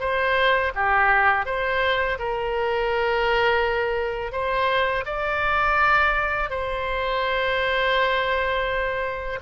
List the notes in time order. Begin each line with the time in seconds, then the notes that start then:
0.00 C5
0.75 G4
1.46 C5
2.19 A#4
4.32 C5
5.06 D5
6.50 C5